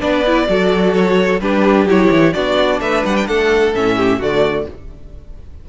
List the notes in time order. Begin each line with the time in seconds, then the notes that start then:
0.00 B3 D4 B4 D5
0.26 E4
0.47 F#3 F#4 A4
0.93 C#5
1.40 G3 D4 G4 B4
1.86 F#3 E4 C#5
2.11 E3
2.33 B3 D4 F#4 D5
2.80 A3 B4 E5
3.05 G3 F#5
3.16 G5
3.27 A3 A4 F#5
3.74 A2 C#4 E5
3.96 G4
4.18 D3 A3 F#4 D5